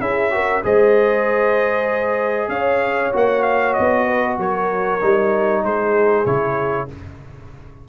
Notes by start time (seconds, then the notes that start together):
0.00 C#4 E4 G#4 E5
0.31 F#4 A#4
0.64 G#3 G#4 C5 D#5
2.49 C#4 C#5 F5
3.13 A#3 F#4 F#5
3.43 F5
3.74 B3 D#5
4.08 B4
4.39 F#3 A#4 C#5
5.02 G3 D#4
5.63 G#3 G#4 C5
6.26 C#3 E4 C#5